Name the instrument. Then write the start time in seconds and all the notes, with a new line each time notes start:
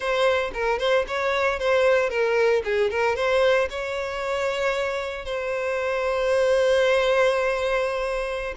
violin
0.00 C5
0.53 A#4
0.78 C5
1.07 C#5
1.59 C5
2.09 A#4
2.64 G#4
2.90 A#4
3.15 C5
3.70 C#5
5.25 C5